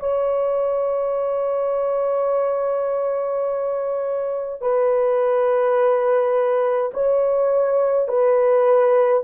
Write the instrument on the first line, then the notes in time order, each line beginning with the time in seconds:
horn
0.00 C#5
4.62 B4
6.94 C#5
8.08 B4